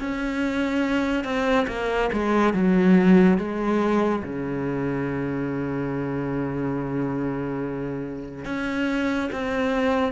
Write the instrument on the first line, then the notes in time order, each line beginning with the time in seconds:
cello
0.00 C#4
1.24 C4
1.68 A#3
2.13 G#3
2.54 F#3
3.38 G#3
4.24 C#3
8.45 C#4
9.33 C4